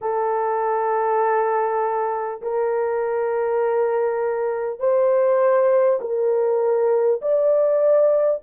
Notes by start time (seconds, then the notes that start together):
0.01 A4
2.41 A#4
4.79 C5
6.01 A#4
7.21 D5